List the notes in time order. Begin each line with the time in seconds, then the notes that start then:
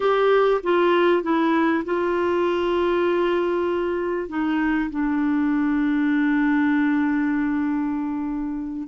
0.00 G4
0.63 F4
1.22 E4
1.85 F4
4.29 D#4
4.90 D4